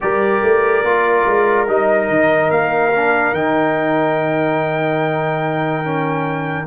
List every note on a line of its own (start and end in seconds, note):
0.00 0.42 G3
0.00 0.84 G4
0.00 6.66 A#4
0.00 1.68 D5
0.42 0.84 A3
0.84 1.25 A#3
0.84 1.67 F4
1.26 1.68 G#3
1.67 2.09 G3
1.67 2.92 D#4
1.67 2.50 D#5
2.09 2.50 D#3
2.50 3.32 A#3
2.50 3.34 F5
2.95 3.34 D4
3.32 6.66 D#3
3.32 5.84 D#4
3.32 6.66 G5
5.84 6.66 C#4